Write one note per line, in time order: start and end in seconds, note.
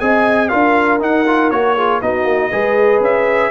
0.00 0.52 C4
0.00 0.50 G#4
0.00 0.49 D#5
0.00 0.49 G#5
0.49 1.01 D4
0.49 1.00 F4
0.49 1.75 A#4
0.49 0.99 F5
1.00 1.26 D#4
1.00 1.51 D#4
1.00 1.50 F#5
1.26 1.52 F4
1.50 2.01 A#3
1.50 1.77 F#4
1.50 2.01 C#5
1.75 2.02 F4
1.75 2.00 G#4
2.01 2.24 B3
2.01 2.52 D#4
2.01 2.51 F#4
2.01 3.02 D#5
2.24 2.50 A#3
2.51 3.00 G#3
2.51 3.51 G#4
2.51 3.51 B4
3.00 3.51 C#4
3.00 3.51 E5